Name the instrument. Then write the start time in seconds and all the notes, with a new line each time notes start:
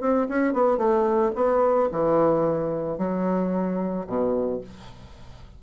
bassoon
0.00 C4
0.29 C#4
0.53 B3
0.77 A3
1.35 B3
1.91 E3
2.98 F#3
4.06 B2